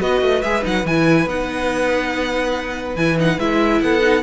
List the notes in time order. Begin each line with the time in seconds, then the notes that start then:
0.00 B3 F#4 B4 D#5
0.22 A3
0.43 G#3 G#4 E5
0.63 F#3 D#4 F#5
0.85 E3 E4 G#5
1.26 B3 D#4 F#5
2.96 E3 E4 G#5
3.18 D#4 F#5
3.39 G#3 E4 E5
3.82 B3 A4 F#5
4.01 D#4